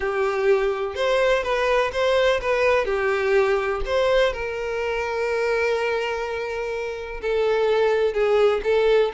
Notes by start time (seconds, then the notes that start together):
0.00 G4
0.95 C5
1.43 B4
1.92 C5
2.41 B4
2.85 G4
3.85 C5
4.32 A#4
7.21 A4
8.13 G#4
8.63 A4